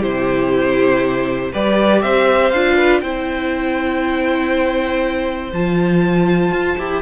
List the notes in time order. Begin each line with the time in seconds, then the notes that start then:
0.00 C3 E4 G4 C5
1.52 G3 G4 B4 D5
2.01 C4 C5 E5
2.50 D4 F4 F5
2.76 B4
3.00 C4 E4 C5 G5
5.52 F3 F4 A5
6.51 F4
6.78 E4 G4